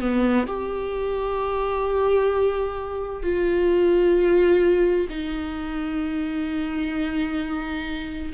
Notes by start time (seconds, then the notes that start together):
0.00 B3
0.47 G4
3.22 F4
5.09 D#4